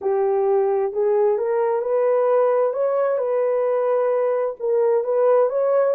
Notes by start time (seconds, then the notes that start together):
0.01 G4
0.92 G#4
1.38 A#4
1.81 B4
2.73 C#5
3.18 B4
4.59 A#4
5.04 B4
5.49 C#5